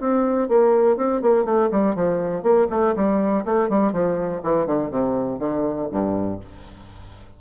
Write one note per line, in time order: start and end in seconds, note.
0.00 0.48 C4
0.48 0.97 A#3
0.97 1.21 C4
1.21 1.45 A#3
1.45 1.69 A3
1.71 1.95 G3
1.95 2.43 F3
2.43 2.67 A#3
2.70 2.95 A3
2.96 3.45 G3
3.45 3.69 A3
3.69 3.92 G3
3.92 4.42 F3
4.43 4.66 E3
4.66 4.90 D3
4.90 5.39 C3
5.39 5.88 D3
5.91 6.40 G2